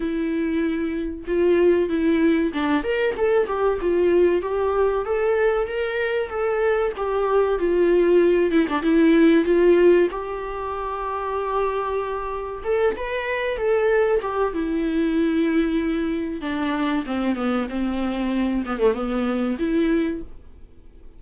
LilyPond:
\new Staff \with { instrumentName = "viola" } { \time 4/4 \tempo 4 = 95 e'2 f'4 e'4 | d'8 ais'8 a'8 g'8 f'4 g'4 | a'4 ais'4 a'4 g'4 | f'4. e'16 d'16 e'4 f'4 |
g'1 | a'8 b'4 a'4 g'8 e'4~ | e'2 d'4 c'8 b8 | c'4. b16 a16 b4 e'4 | }